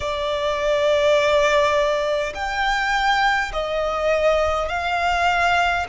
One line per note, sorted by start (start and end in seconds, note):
0.00 2.33 D5
2.34 3.52 G5
3.52 4.68 D#5
4.68 5.86 F5